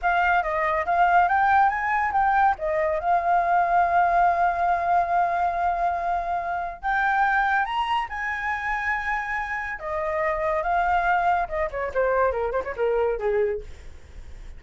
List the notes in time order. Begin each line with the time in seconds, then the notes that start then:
0.02 F5
0.42 D#5
0.85 F5
1.28 G5
1.69 G#5
2.12 G5
2.58 D#5
2.99 F5
6.81 G5
7.65 A#5
8.09 G#5
9.79 D#5
10.62 F5
11.48 D#5
11.70 C#5
11.94 C5
12.31 A#4
12.52 C5
12.64 C#5
12.76 A#4
13.18 G#4